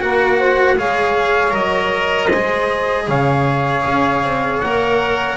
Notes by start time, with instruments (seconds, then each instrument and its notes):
0.00 double bass A#3, cello F#4, saxophone A#4, trumpet F#5
0.38 saxophone C5
0.77 double bass G#3, cello G#4, saxophone C#5, trumpet F5
1.51 double bass F#3, cello A#4, trumpet D#5
2.27 saxophone C5
2.33 double bass G#3, cello G#4
3.07 double bass C#3, saxophone C#5, trumpet F5
3.87 double bass C#4
4.24 double bass C4
4.61 double bass A#3, cello A#4, trumpet F#5